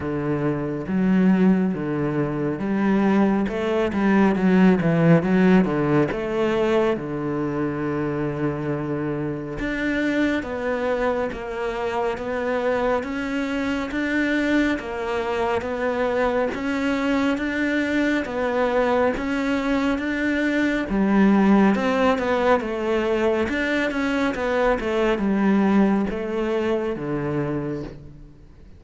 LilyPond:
\new Staff \with { instrumentName = "cello" } { \time 4/4 \tempo 4 = 69 d4 fis4 d4 g4 | a8 g8 fis8 e8 fis8 d8 a4 | d2. d'4 | b4 ais4 b4 cis'4 |
d'4 ais4 b4 cis'4 | d'4 b4 cis'4 d'4 | g4 c'8 b8 a4 d'8 cis'8 | b8 a8 g4 a4 d4 | }